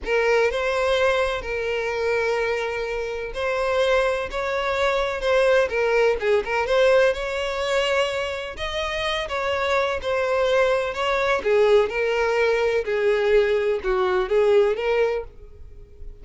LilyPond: \new Staff \with { instrumentName = "violin" } { \time 4/4 \tempo 4 = 126 ais'4 c''2 ais'4~ | ais'2. c''4~ | c''4 cis''2 c''4 | ais'4 gis'8 ais'8 c''4 cis''4~ |
cis''2 dis''4. cis''8~ | cis''4 c''2 cis''4 | gis'4 ais'2 gis'4~ | gis'4 fis'4 gis'4 ais'4 | }